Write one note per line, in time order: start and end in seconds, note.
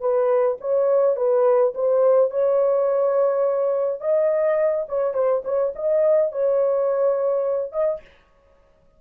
0.00 0.57 B4
0.60 1.16 C#5
1.16 1.73 B4
1.74 2.30 C5
2.30 4.00 C#5
4.00 4.86 D#5
4.89 5.14 C#5
5.14 5.42 C5
5.44 5.73 C#5
5.75 6.32 D#5
6.32 7.72 C#5
7.72 8.01 D#5